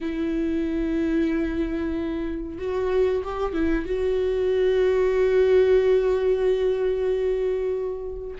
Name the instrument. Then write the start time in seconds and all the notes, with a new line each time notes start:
viola
0.01 E4
2.58 F#4
3.23 G4
3.53 E4
3.85 F#4